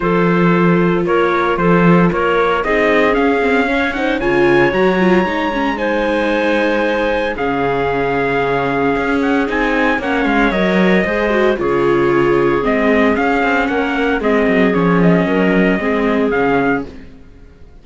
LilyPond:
<<
  \new Staff \with { instrumentName = "trumpet" } { \time 4/4 \tempo 4 = 114 c''2 cis''4 c''4 | cis''4 dis''4 f''4. fis''8 | gis''4 ais''2 gis''4~ | gis''2 f''2~ |
f''4. fis''8 gis''4 fis''8 f''8 | dis''2 cis''2 | dis''4 f''4 fis''4 dis''4 | cis''8 dis''2~ dis''8 f''4 | }
  \new Staff \with { instrumentName = "clarinet" } { \time 4/4 a'2 ais'4 a'4 | ais'4 gis'2 cis''8 c''8 | cis''2. c''4~ | c''2 gis'2~ |
gis'2. cis''4~ | cis''4 c''4 gis'2~ | gis'2 ais'4 gis'4~ | gis'4 ais'4 gis'2 | }
  \new Staff \with { instrumentName = "viola" } { \time 4/4 f'1~ | f'4 dis'4 cis'8 c'8 cis'8 dis'8 | f'4 fis'8 f'8 dis'8 cis'8 dis'4~ | dis'2 cis'2~ |
cis'2 dis'4 cis'4 | ais'4 gis'8 fis'8 f'2 | c'4 cis'2 c'4 | cis'2 c'4 cis'4 | }
  \new Staff \with { instrumentName = "cello" } { \time 4/4 f2 ais4 f4 | ais4 c'4 cis'2 | cis4 fis4 gis2~ | gis2 cis2~ |
cis4 cis'4 c'4 ais8 gis8 | fis4 gis4 cis2 | gis4 cis'8 c'8 ais4 gis8 fis8 | f4 fis4 gis4 cis4 | }
>>